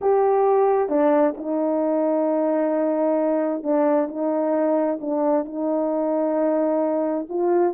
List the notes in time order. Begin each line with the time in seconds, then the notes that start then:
0.01 G4
0.89 D4
1.37 D#4
3.63 D4
4.08 D#4
5.00 D4
5.45 D#4
7.29 F4